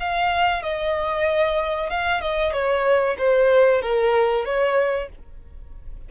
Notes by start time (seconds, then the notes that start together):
0.00 F5
0.63 D#5
1.90 F5
2.22 D#5
2.53 C#5
3.19 C5
3.82 A#4
4.45 C#5